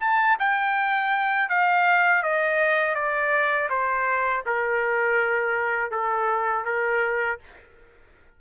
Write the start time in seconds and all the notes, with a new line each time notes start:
0.00 A5
0.39 G5
1.49 F5
2.23 D#5
2.95 D5
3.70 C5
4.46 A#4
5.91 A4
6.65 A#4